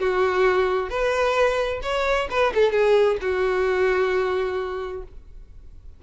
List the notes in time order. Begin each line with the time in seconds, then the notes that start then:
0.00 F#4
0.90 B4
1.83 C#5
2.31 B4
2.55 A4
2.72 G#4
3.22 F#4